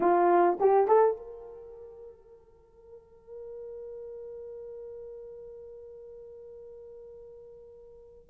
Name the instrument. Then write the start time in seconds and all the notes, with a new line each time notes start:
horn
0.00 F4
0.59 G4
0.87 A4
1.16 A#4